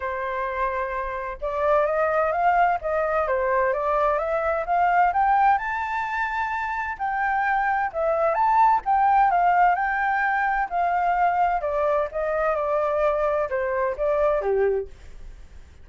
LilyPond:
\new Staff \with { instrumentName = "flute" } { \time 4/4 \tempo 4 = 129 c''2. d''4 | dis''4 f''4 dis''4 c''4 | d''4 e''4 f''4 g''4 | a''2. g''4~ |
g''4 e''4 a''4 g''4 | f''4 g''2 f''4~ | f''4 d''4 dis''4 d''4~ | d''4 c''4 d''4 g'4 | }